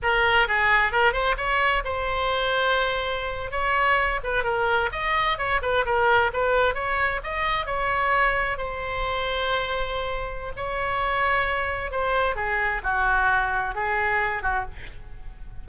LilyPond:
\new Staff \with { instrumentName = "oboe" } { \time 4/4 \tempo 4 = 131 ais'4 gis'4 ais'8 c''8 cis''4 | c''2.~ c''8. cis''16~ | cis''4~ cis''16 b'8 ais'4 dis''4 cis''16~ | cis''16 b'8 ais'4 b'4 cis''4 dis''16~ |
dis''8. cis''2 c''4~ c''16~ | c''2. cis''4~ | cis''2 c''4 gis'4 | fis'2 gis'4. fis'8 | }